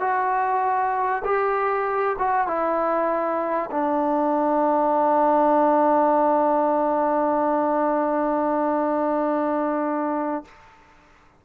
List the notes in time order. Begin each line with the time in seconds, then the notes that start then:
0.00 F#4
1.24 G4
2.18 F#4
2.47 E4
3.71 D4